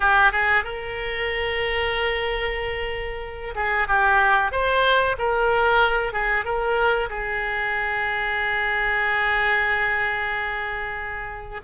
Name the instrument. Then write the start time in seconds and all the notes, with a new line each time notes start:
oboe
0.00 G4
0.32 G#4
0.64 A#4
3.55 G#4
3.87 G4
4.51 C5
5.18 A#4
6.13 G#4
6.44 A#4
7.09 G#4